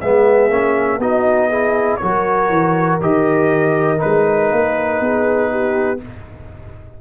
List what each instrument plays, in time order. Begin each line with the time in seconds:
0.00 tuba G#3, trombone B3, horn G#4, trumpet E5
0.49 tuba A#3, trombone C#4
0.98 tuba B3, trombone D#4, horn F#4, trumpet D#5
1.48 trombone E4, horn G#4
1.96 tuba F#3, trombone F#4, horn A#4, trumpet C#5
2.49 tuba E3
3.00 tuba D#3, trombone G4, trumpet D#5
3.97 trombone D#4, trumpet B4
4.04 tuba G#3
4.51 tuba A#3
5.00 tuba B3, horn G#4
5.50 horn G4